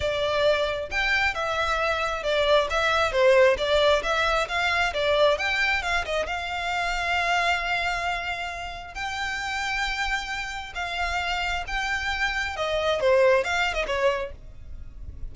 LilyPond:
\new Staff \with { instrumentName = "violin" } { \time 4/4 \tempo 4 = 134 d''2 g''4 e''4~ | e''4 d''4 e''4 c''4 | d''4 e''4 f''4 d''4 | g''4 f''8 dis''8 f''2~ |
f''1 | g''1 | f''2 g''2 | dis''4 c''4 f''8. dis''16 cis''4 | }